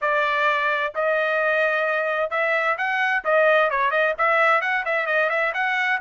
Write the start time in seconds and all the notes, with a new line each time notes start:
0.01 D5
0.95 D#5
2.30 E5
2.77 F#5
3.24 D#5
3.70 C#5
3.90 D#5
4.18 E5
4.61 F#5
4.85 E5
5.06 D#5
5.29 E5
5.54 F#5